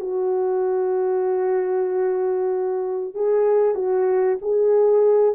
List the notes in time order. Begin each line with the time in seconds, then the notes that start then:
0.00 F#4
3.14 G#4
3.74 F#4
4.41 G#4